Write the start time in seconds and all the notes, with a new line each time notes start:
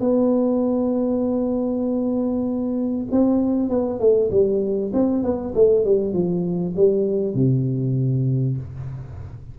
0.00 B3
3.11 C4
3.69 B3
3.99 A3
4.31 G3
4.93 C4
5.23 B3
5.55 A3
5.85 G3
6.13 F3
6.76 G3
7.34 C3